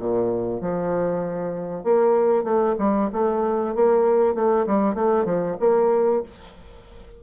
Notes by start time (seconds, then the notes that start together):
0.00 A#2
0.62 F3
1.84 A#3
2.44 A3
2.79 G3
3.13 A3
3.76 A#3
4.35 A3
4.67 G3
4.95 A3
5.26 F3
5.61 A#3